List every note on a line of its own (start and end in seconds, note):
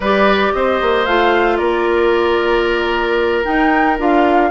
0.00 0.51 G3
0.00 1.07 G4
0.00 0.52 B4
0.00 0.53 D5
0.53 0.81 C4
0.53 1.57 C5
0.53 1.05 D#5
0.81 1.06 A#3
1.05 1.59 A3
1.05 3.44 F4
1.05 1.56 F5
1.56 3.45 A#3
1.56 4.49 A#4
1.56 3.42 D5
3.44 3.97 D#4
3.44 3.98 D#4
3.44 3.97 G5
3.98 4.51 D4
3.98 4.51 F4
3.98 4.51 F5